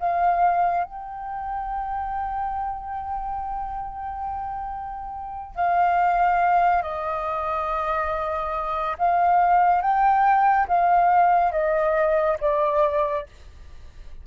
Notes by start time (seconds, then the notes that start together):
0.00 F5
0.85 G5
5.56 F5
6.83 D#5
8.99 F5
9.82 G5
10.68 F5
11.52 D#5
12.41 D5